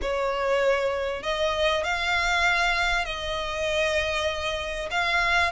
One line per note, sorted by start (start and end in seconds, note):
0.01 1.22 C#5
1.22 1.84 D#5
1.84 3.05 F5
3.05 4.89 D#5
4.90 5.51 F5